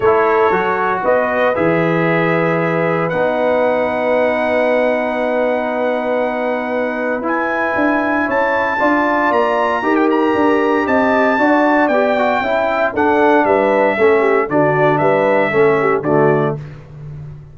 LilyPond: <<
  \new Staff \with { instrumentName = "trumpet" } { \time 4/4 \tempo 4 = 116 cis''2 dis''4 e''4~ | e''2 fis''2~ | fis''1~ | fis''2 gis''2 |
a''2 ais''4~ ais''16 g''16 ais''8~ | ais''4 a''2 g''4~ | g''4 fis''4 e''2 | d''4 e''2 d''4 | }
  \new Staff \with { instrumentName = "horn" } { \time 4/4 a'2 b'2~ | b'1~ | b'1~ | b'1 |
cis''4 d''2 ais'4~ | ais'4 dis''4 d''2 | e''4 a'4 b'4 a'8 g'8 | fis'4 b'4 a'8 g'8 fis'4 | }
  \new Staff \with { instrumentName = "trombone" } { \time 4/4 e'4 fis'2 gis'4~ | gis'2 dis'2~ | dis'1~ | dis'2 e'2~ |
e'4 f'2 g'4~ | g'2 fis'4 g'8 fis'8 | e'4 d'2 cis'4 | d'2 cis'4 a4 | }
  \new Staff \with { instrumentName = "tuba" } { \time 4/4 a4 fis4 b4 e4~ | e2 b2~ | b1~ | b2 e'4 d'4 |
cis'4 d'4 ais4 dis'4 | d'4 c'4 d'4 b4 | cis'4 d'4 g4 a4 | d4 g4 a4 d4 | }
>>